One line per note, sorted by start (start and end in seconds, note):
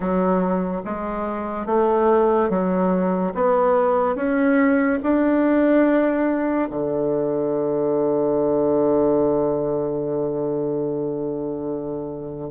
0.00 0.81 F#3
0.84 1.66 G#3
1.66 2.49 A3
2.49 3.33 F#3
3.34 4.15 B3
4.15 4.98 C#4
5.02 6.69 D4
6.70 12.50 D3